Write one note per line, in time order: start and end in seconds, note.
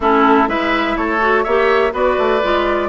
0.00 0.48 A3
0.00 0.47 C#4
0.00 0.49 E4
0.00 0.48 A4
0.47 0.96 G#3
0.47 1.20 E4
0.47 0.97 B4
0.47 0.96 E5
0.96 1.45 A3
0.96 1.43 A4
0.96 1.44 C#5
1.20 1.44 F#4
1.43 1.92 A#3
1.43 1.92 G4
1.43 1.92 C#5
1.43 1.92 E5
1.92 2.17 B3
1.92 2.40 F#4
1.92 2.89 B4
1.92 2.89 D5
2.18 2.42 A3
2.42 2.89 G#3
2.42 2.89 F4